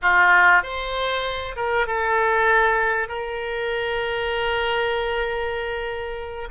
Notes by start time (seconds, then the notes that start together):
0.01 F4
0.62 C5
1.56 A#4
1.86 A4
3.08 A#4